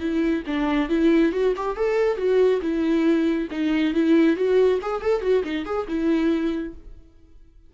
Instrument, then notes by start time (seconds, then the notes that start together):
viola
0.00 E4
0.47 D4
0.89 E4
1.32 F#4
1.56 G4
1.76 A4
2.17 F#4
2.62 E4
3.51 D#4
3.94 E4
4.36 F#4
4.82 G#4
5.02 A4
5.22 F#4
5.44 D#4
5.66 G#4
5.88 E4